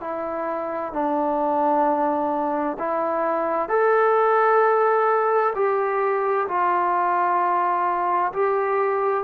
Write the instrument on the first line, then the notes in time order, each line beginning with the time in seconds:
trombone
0.00 E4
0.92 D4
2.78 E4
3.68 A4
5.55 G4
6.47 F4
8.32 G4